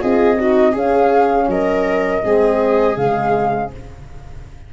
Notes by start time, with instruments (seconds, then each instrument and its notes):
0.00 tuba C4, horn F4, viola G#4, flute D#5
0.39 horn D#4, viola F#4
0.72 horn C#4, tuba C#4, viola G#4, flute F5
1.48 tuba F#3, viola A#4, flute D#5
2.23 tuba G#3, horn C4, viola G#4
2.97 tuba C#3, horn G#3, flute F5